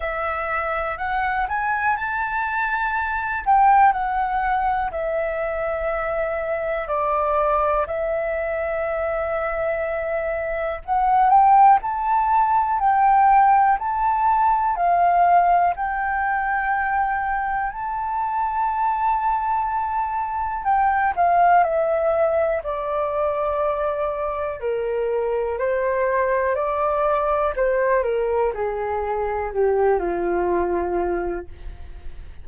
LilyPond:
\new Staff \with { instrumentName = "flute" } { \time 4/4 \tempo 4 = 61 e''4 fis''8 gis''8 a''4. g''8 | fis''4 e''2 d''4 | e''2. fis''8 g''8 | a''4 g''4 a''4 f''4 |
g''2 a''2~ | a''4 g''8 f''8 e''4 d''4~ | d''4 ais'4 c''4 d''4 | c''8 ais'8 gis'4 g'8 f'4. | }